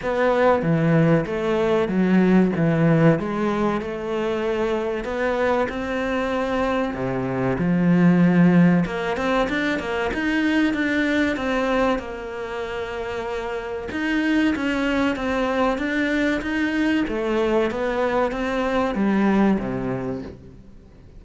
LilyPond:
\new Staff \with { instrumentName = "cello" } { \time 4/4 \tempo 4 = 95 b4 e4 a4 fis4 | e4 gis4 a2 | b4 c'2 c4 | f2 ais8 c'8 d'8 ais8 |
dis'4 d'4 c'4 ais4~ | ais2 dis'4 cis'4 | c'4 d'4 dis'4 a4 | b4 c'4 g4 c4 | }